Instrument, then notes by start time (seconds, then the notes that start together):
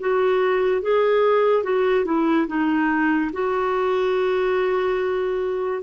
clarinet
0.00 F#4
0.82 G#4
1.64 F#4
2.06 E4
2.48 D#4
3.33 F#4